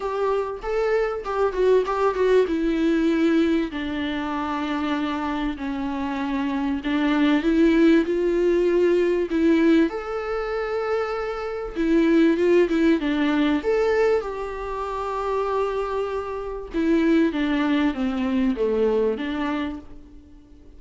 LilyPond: \new Staff \with { instrumentName = "viola" } { \time 4/4 \tempo 4 = 97 g'4 a'4 g'8 fis'8 g'8 fis'8 | e'2 d'2~ | d'4 cis'2 d'4 | e'4 f'2 e'4 |
a'2. e'4 | f'8 e'8 d'4 a'4 g'4~ | g'2. e'4 | d'4 c'4 a4 d'4 | }